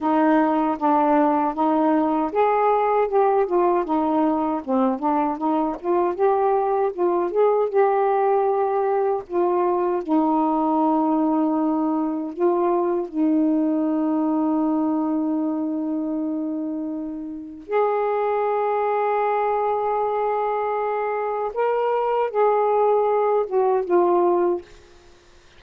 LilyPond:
\new Staff \with { instrumentName = "saxophone" } { \time 4/4 \tempo 4 = 78 dis'4 d'4 dis'4 gis'4 | g'8 f'8 dis'4 c'8 d'8 dis'8 f'8 | g'4 f'8 gis'8 g'2 | f'4 dis'2. |
f'4 dis'2.~ | dis'2. gis'4~ | gis'1 | ais'4 gis'4. fis'8 f'4 | }